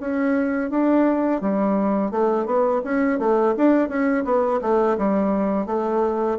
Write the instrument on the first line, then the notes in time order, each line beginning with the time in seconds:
bassoon
0.00 C#4
0.70 D4
1.41 G3
2.11 A3
2.45 B3
2.84 C#4
3.19 A3
3.57 D4
3.89 C#4
4.25 B3
4.61 A3
4.98 G3
5.66 A3